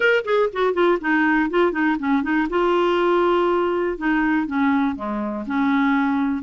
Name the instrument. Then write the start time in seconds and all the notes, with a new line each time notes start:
clarinet
0.00 A#4
0.24 G#4
0.52 F#4
0.73 F4
1.01 D#4
1.50 F4
1.72 D#4
1.99 C#4
2.22 D#4
2.49 F4
3.97 D#4
4.46 C#4
4.95 G#3
5.46 C#4